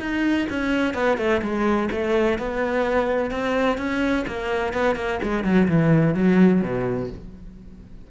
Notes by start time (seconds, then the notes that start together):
0.00 D#4
0.50 C#4
0.94 B3
1.18 A3
1.42 G#3
1.92 A3
2.39 B3
3.31 C4
3.78 C#4
4.27 A#3
4.74 B3
4.96 A#3
5.23 G#3
5.44 F#3
5.68 E3
6.15 F#3
6.62 B2